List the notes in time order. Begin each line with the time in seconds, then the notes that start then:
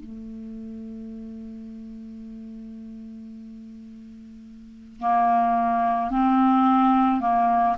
0.00 A3
4.99 A#3
6.10 C4
7.20 A#3